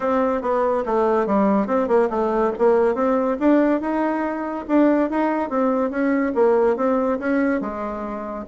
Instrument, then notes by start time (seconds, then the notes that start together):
bassoon
0.00 C4
0.41 B3
0.85 A3
1.26 G3
1.67 C4
1.87 A#3
2.09 A3
2.58 A#3
2.95 C4
3.39 D4
3.80 D#4
4.67 D4
5.10 D#4
5.49 C4
5.90 C#4
6.34 A#3
6.76 C4
7.19 C#4
7.60 G#3